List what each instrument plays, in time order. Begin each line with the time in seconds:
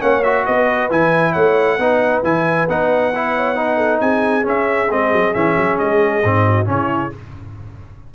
0.00 tuba A#3, trombone C#4, horn C#5, trumpet F#5
0.23 trombone F#4, trumpet E5
0.45 tuba B3, horn B4, trumpet D#5
0.90 tuba E3, trombone E4, trumpet G#5
1.32 tuba A3, horn C#5, trumpet F#5
1.78 tuba B3, trombone D#4, horn B4
2.23 tuba E3, trombone E4, trumpet G#5
2.68 tuba B3, trombone D#4, trumpet F#5
3.15 trombone E4
3.35 horn C#5
3.56 trombone D#4, horn B4
3.77 horn A4
4.00 tuba C4, horn G#4, trumpet G#5
4.43 trombone C#4, tuba C#4, trumpet E5
4.90 tuba G#3, trombone C4, trumpet D#5
5.12 tuba F#3
5.34 tuba E3, trombone C#4, trumpet E5
5.57 tuba F#3
5.78 tuba G#3, trumpet D#5
6.24 tuba G#2, trombone C4
6.46 horn F#4
6.65 tuba C#3, trombone C#4, horn E4, trumpet C#5